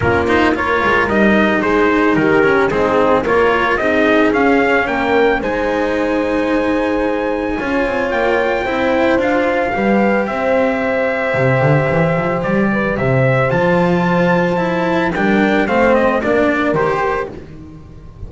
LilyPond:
<<
  \new Staff \with { instrumentName = "trumpet" } { \time 4/4 \tempo 4 = 111 ais'8 c''8 cis''4 dis''4 c''4 | ais'4 gis'4 cis''4 dis''4 | f''4 g''4 gis''2~ | gis''2. g''4~ |
g''4 f''2 e''4~ | e''2. d''4 | e''4 a''2. | g''4 f''8 dis''8 d''4 c''4 | }
  \new Staff \with { instrumentName = "horn" } { \time 4/4 f'4 ais'2 gis'4 | g'4 dis'4 ais'4 gis'4~ | gis'4 ais'4 c''2~ | c''2 cis''2 |
c''2 b'4 c''4~ | c''2.~ c''8 b'8 | c''1 | ais'4 c''4 ais'2 | }
  \new Staff \with { instrumentName = "cello" } { \time 4/4 cis'8 dis'8 f'4 dis'2~ | dis'8 cis'8 c'4 f'4 dis'4 | cis'2 dis'2~ | dis'2 f'2 |
e'4 f'4 g'2~ | g'1~ | g'4 f'2 e'4 | d'4 c'4 d'4 g'4 | }
  \new Staff \with { instrumentName = "double bass" } { \time 4/4 ais4. gis8 g4 gis4 | dis4 gis4 ais4 c'4 | cis'4 ais4 gis2~ | gis2 cis'8 c'8 ais4 |
c'4 d'4 g4 c'4~ | c'4 c8 d8 e8 f8 g4 | c4 f2. | g4 a4 ais4 dis4 | }
>>